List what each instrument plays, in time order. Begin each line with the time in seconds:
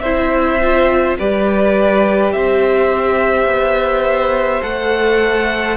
0.00 cello C4, viola E4, violin C5 E5
0.62 viola F4
1.19 cello G3, viola G4, violin B4 D5
2.33 cello C4, violin C5 E5
3.46 cello B3
4.63 cello A3, viola A4, violin F#5